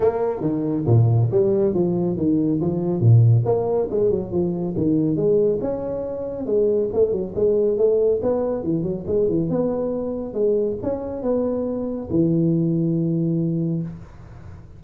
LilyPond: \new Staff \with { instrumentName = "tuba" } { \time 4/4 \tempo 4 = 139 ais4 dis4 ais,4 g4 | f4 dis4 f4 ais,4 | ais4 gis8 fis8 f4 dis4 | gis4 cis'2 gis4 |
a8 fis8 gis4 a4 b4 | e8 fis8 gis8 e8 b2 | gis4 cis'4 b2 | e1 | }